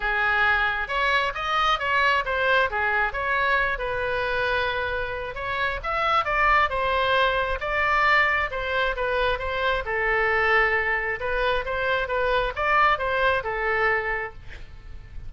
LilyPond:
\new Staff \with { instrumentName = "oboe" } { \time 4/4 \tempo 4 = 134 gis'2 cis''4 dis''4 | cis''4 c''4 gis'4 cis''4~ | cis''8 b'2.~ b'8 | cis''4 e''4 d''4 c''4~ |
c''4 d''2 c''4 | b'4 c''4 a'2~ | a'4 b'4 c''4 b'4 | d''4 c''4 a'2 | }